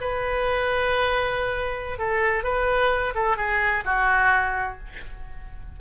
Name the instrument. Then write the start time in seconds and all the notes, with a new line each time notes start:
oboe
0.00 B4
1.98 A4
2.43 B4
3.15 A4
3.37 G#4
3.85 F#4